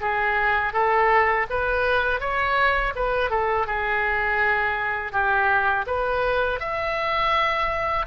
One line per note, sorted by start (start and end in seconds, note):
0.00 0.73 G#4
0.73 1.46 A4
1.49 2.20 B4
2.20 2.93 C#5
2.95 3.30 B4
3.30 3.66 A4
3.66 5.12 G#4
5.12 5.85 G4
5.86 6.59 B4
6.59 8.06 E5